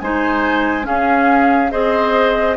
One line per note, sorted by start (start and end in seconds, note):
0.00 0.87 G#3
0.00 0.83 D#4
0.00 0.87 C5
0.00 0.86 G#5
0.83 1.69 C#4
0.83 1.72 C#4
0.83 1.71 G#4
0.83 1.72 F5
1.71 2.57 C4
1.71 2.57 G#4
1.71 2.57 C5
1.71 2.57 D#5